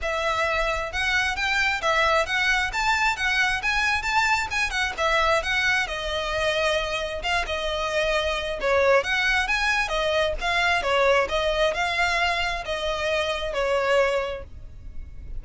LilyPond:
\new Staff \with { instrumentName = "violin" } { \time 4/4 \tempo 4 = 133 e''2 fis''4 g''4 | e''4 fis''4 a''4 fis''4 | gis''4 a''4 gis''8 fis''8 e''4 | fis''4 dis''2. |
f''8 dis''2~ dis''8 cis''4 | fis''4 gis''4 dis''4 f''4 | cis''4 dis''4 f''2 | dis''2 cis''2 | }